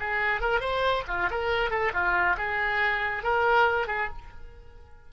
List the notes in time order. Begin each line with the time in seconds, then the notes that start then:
0.00 G#4
0.41 A#4
0.61 C5
1.08 F4
1.31 A#4
1.71 A4
1.94 F4
2.38 G#4
3.24 A#4
3.88 G#4